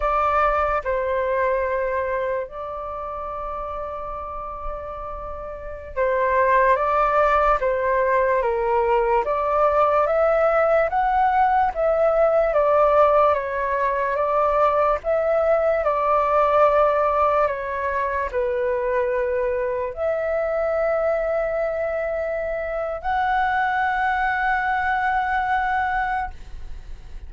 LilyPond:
\new Staff \with { instrumentName = "flute" } { \time 4/4 \tempo 4 = 73 d''4 c''2 d''4~ | d''2.~ d''16 c''8.~ | c''16 d''4 c''4 ais'4 d''8.~ | d''16 e''4 fis''4 e''4 d''8.~ |
d''16 cis''4 d''4 e''4 d''8.~ | d''4~ d''16 cis''4 b'4.~ b'16~ | b'16 e''2.~ e''8. | fis''1 | }